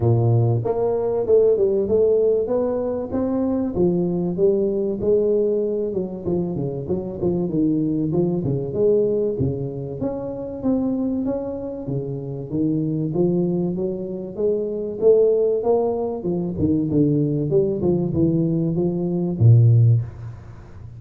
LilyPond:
\new Staff \with { instrumentName = "tuba" } { \time 4/4 \tempo 4 = 96 ais,4 ais4 a8 g8 a4 | b4 c'4 f4 g4 | gis4. fis8 f8 cis8 fis8 f8 | dis4 f8 cis8 gis4 cis4 |
cis'4 c'4 cis'4 cis4 | dis4 f4 fis4 gis4 | a4 ais4 f8 dis8 d4 | g8 f8 e4 f4 ais,4 | }